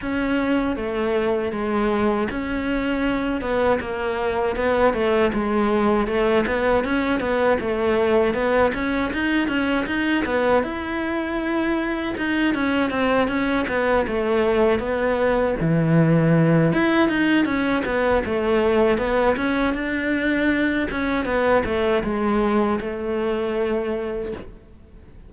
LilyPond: \new Staff \with { instrumentName = "cello" } { \time 4/4 \tempo 4 = 79 cis'4 a4 gis4 cis'4~ | cis'8 b8 ais4 b8 a8 gis4 | a8 b8 cis'8 b8 a4 b8 cis'8 | dis'8 cis'8 dis'8 b8 e'2 |
dis'8 cis'8 c'8 cis'8 b8 a4 b8~ | b8 e4. e'8 dis'8 cis'8 b8 | a4 b8 cis'8 d'4. cis'8 | b8 a8 gis4 a2 | }